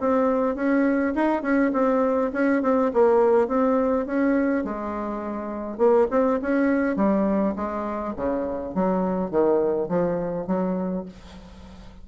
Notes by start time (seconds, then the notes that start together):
0.00 C4
0.55 C#4
1.15 D#4
1.42 C#4
1.73 C4
2.33 C#4
2.62 C4
2.93 A#3
3.48 C4
4.06 C#4
4.64 G#3
5.78 A#3
6.10 C4
6.42 C#4
6.96 G3
7.56 G#3
8.16 C#3
8.74 F#3
9.30 D#3
9.88 F3
10.47 F#3